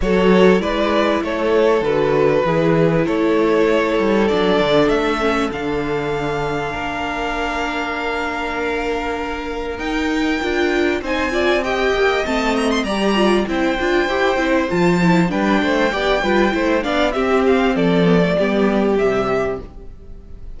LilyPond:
<<
  \new Staff \with { instrumentName = "violin" } { \time 4/4 \tempo 4 = 98 cis''4 d''4 cis''4 b'4~ | b'4 cis''2 d''4 | e''4 f''2.~ | f''1 |
g''2 gis''4 g''4 | a''8 ais''16 c'''16 ais''4 g''2 | a''4 g''2~ g''8 f''8 | e''8 f''8 d''2 e''4 | }
  \new Staff \with { instrumentName = "violin" } { \time 4/4 a'4 b'4 a'2 | gis'4 a'2.~ | a'2. ais'4~ | ais'1~ |
ais'2 c''8 d''8 dis''4~ | dis''4 d''4 c''2~ | c''4 b'8 c''8 d''8 b'8 c''8 d''8 | g'4 a'4 g'2 | }
  \new Staff \with { instrumentName = "viola" } { \time 4/4 fis'4 e'2 fis'4 | e'2. d'4~ | d'8 cis'8 d'2.~ | d'1 |
dis'4 f'4 dis'8 f'8 g'4 | c'4 g'8 f'8 e'8 f'8 g'8 e'8 | f'8 e'8 d'4 g'8 f'8 e'8 d'8 | c'4. b16 a16 b4 g4 | }
  \new Staff \with { instrumentName = "cello" } { \time 4/4 fis4 gis4 a4 d4 | e4 a4. g8 fis8 d8 | a4 d2 ais4~ | ais1 |
dis'4 d'4 c'4. ais8 | a4 g4 c'8 d'8 e'8 c'8 | f4 g8 a8 b8 g8 a8 b8 | c'4 f4 g4 c4 | }
>>